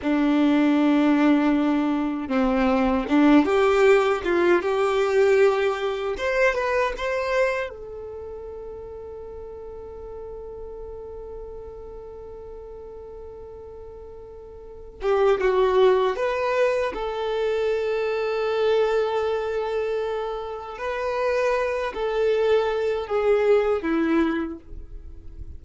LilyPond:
\new Staff \with { instrumentName = "violin" } { \time 4/4 \tempo 4 = 78 d'2. c'4 | d'8 g'4 f'8 g'2 | c''8 b'8 c''4 a'2~ | a'1~ |
a'2.~ a'8 g'8 | fis'4 b'4 a'2~ | a'2. b'4~ | b'8 a'4. gis'4 e'4 | }